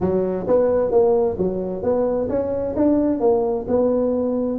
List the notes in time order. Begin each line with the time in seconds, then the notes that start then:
0.00 F#3
0.47 B3
0.91 A#3
1.38 F#3
1.82 B3
2.29 C#4
2.76 D4
3.20 A#3
3.67 B3